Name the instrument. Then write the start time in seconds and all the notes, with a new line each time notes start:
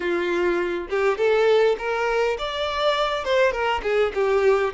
violin
0.00 F4
0.89 G4
1.17 A4
1.78 A#4
2.38 D5
3.24 C5
3.51 A#4
3.83 G#4
4.14 G4